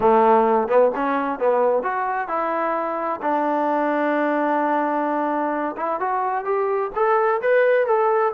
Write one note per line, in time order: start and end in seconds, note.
0.00 0.68 A3
0.68 0.91 B3
0.95 1.39 C#4
1.39 1.82 B3
1.82 2.28 F#4
2.28 3.20 E4
3.21 5.75 D4
5.76 5.99 E4
6.00 6.44 F#4
6.44 6.91 G4
6.95 7.41 A4
7.41 7.86 B4
7.86 8.32 A4